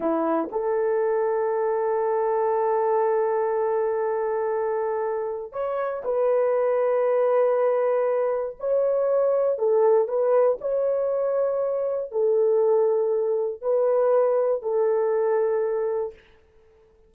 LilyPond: \new Staff \with { instrumentName = "horn" } { \time 4/4 \tempo 4 = 119 e'4 a'2.~ | a'1~ | a'2. cis''4 | b'1~ |
b'4 cis''2 a'4 | b'4 cis''2. | a'2. b'4~ | b'4 a'2. | }